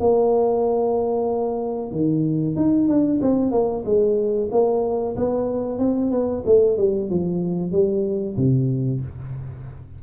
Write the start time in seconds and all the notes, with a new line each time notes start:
0.00 A#3
1.92 D#3
2.56 D#4
2.88 D4
3.21 C4
3.52 A#3
3.85 G#3
4.52 A#3
5.16 B3
5.79 C4
6.11 B3
6.46 A3
6.78 G3
7.10 F3
7.72 G3
8.37 C3